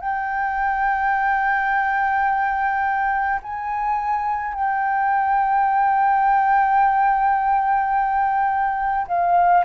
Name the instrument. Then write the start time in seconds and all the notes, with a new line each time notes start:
flute
0.00 G5
3.43 G#5
4.54 G5
9.08 F5